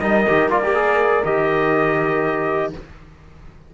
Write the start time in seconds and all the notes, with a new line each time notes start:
0.00 G3 D#4 A#4 D#5
0.27 D#3 G4
0.48 A#3 F4 D5
0.63 G4
0.74 G#4
1.24 D#3 G4 D#5